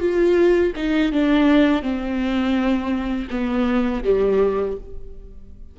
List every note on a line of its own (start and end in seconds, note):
0.00 0.73 F4
0.76 1.12 D#4
1.12 1.83 D4
1.83 3.29 C4
3.30 4.03 B3
4.04 4.77 G3